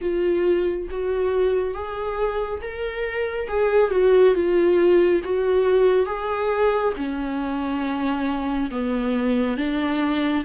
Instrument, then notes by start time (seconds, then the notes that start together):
viola
0.01 F4
0.90 F#4
1.74 G#4
2.61 A#4
3.47 G#4
3.91 F#4
4.34 F4
5.24 F#4
6.06 G#4
6.96 C#4
8.70 B3
9.57 D4